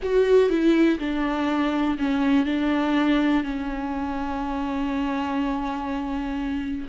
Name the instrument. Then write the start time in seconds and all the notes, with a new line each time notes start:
viola
0.02 F#4
0.49 E4
0.99 D4
1.98 C#4
2.45 D4
3.43 C#4